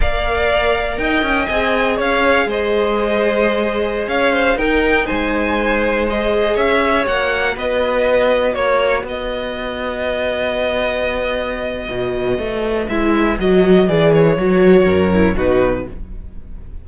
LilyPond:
<<
  \new Staff \with { instrumentName = "violin" } { \time 4/4 \tempo 4 = 121 f''2 g''4 gis''4 | f''4 dis''2.~ | dis''16 f''4 g''4 gis''4.~ gis''16~ | gis''16 dis''4 e''4 fis''4 dis''8.~ |
dis''4~ dis''16 cis''4 dis''4.~ dis''16~ | dis''1~ | dis''2 e''4 dis''4 | d''8 cis''2~ cis''8 b'4 | }
  \new Staff \with { instrumentName = "violin" } { \time 4/4 d''2 dis''2 | cis''4 c''2.~ | c''16 cis''8 c''8 ais'4 c''4.~ c''16~ | c''4~ c''16 cis''2 b'8.~ |
b'4~ b'16 cis''4 b'4.~ b'16~ | b'1~ | b'1~ | b'2 ais'4 fis'4 | }
  \new Staff \with { instrumentName = "viola" } { \time 4/4 ais'2. gis'4~ | gis'1~ | gis'4~ gis'16 dis'2~ dis'8.~ | dis'16 gis'2 fis'4.~ fis'16~ |
fis'1~ | fis'1~ | fis'2 e'4 fis'4 | gis'4 fis'4. e'8 dis'4 | }
  \new Staff \with { instrumentName = "cello" } { \time 4/4 ais2 dis'8 cis'8 c'4 | cis'4 gis2.~ | gis16 cis'4 dis'4 gis4.~ gis16~ | gis4~ gis16 cis'4 ais4 b8.~ |
b4~ b16 ais4 b4.~ b16~ | b1 | b,4 a4 gis4 fis4 | e4 fis4 fis,4 b,4 | }
>>